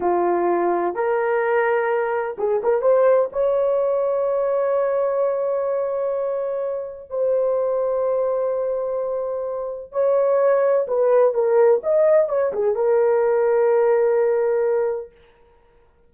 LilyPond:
\new Staff \with { instrumentName = "horn" } { \time 4/4 \tempo 4 = 127 f'2 ais'2~ | ais'4 gis'8 ais'8 c''4 cis''4~ | cis''1~ | cis''2. c''4~ |
c''1~ | c''4 cis''2 b'4 | ais'4 dis''4 cis''8 gis'8 ais'4~ | ais'1 | }